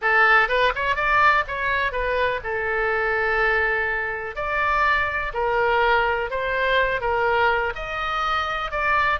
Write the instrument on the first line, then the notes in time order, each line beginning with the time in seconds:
oboe
0.01 A4
0.48 B4
0.75 C#5
0.95 D5
1.47 C#5
1.92 B4
2.43 A4
4.35 D5
5.33 A#4
6.30 C5
7.01 A#4
7.75 D#5
8.71 D5